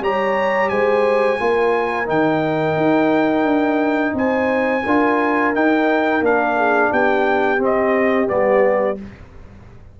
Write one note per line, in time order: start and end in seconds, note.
0.00 0.69 G3
0.00 1.39 G4
0.00 0.71 C#5
0.00 0.69 A#5
0.69 1.40 G#3
0.69 1.40 C5
0.69 2.07 G#5
1.39 2.09 A#3
1.39 2.06 F4
1.39 4.16 A#4
2.06 2.76 D#3
2.06 4.82 D#4
2.06 4.16 G5
2.76 3.44 D#4
3.44 4.13 D4
4.14 4.83 C4
4.14 4.84 C5
4.14 5.55 G#5
4.84 5.55 D4
4.84 5.54 F4
4.84 6.56 A#4
5.54 6.23 D#4
5.54 6.21 D#4
5.54 6.24 G5
6.21 6.90 A#3
6.21 7.58 D4
6.21 6.93 F5
6.57 6.91 G#4
6.91 7.59 B3
6.91 8.97 G4
6.91 7.62 G5
7.58 8.27 C4
7.58 8.28 C4
7.65 8.29 D#5
8.27 9.00 G3
8.27 8.96 B3
8.27 8.98 D5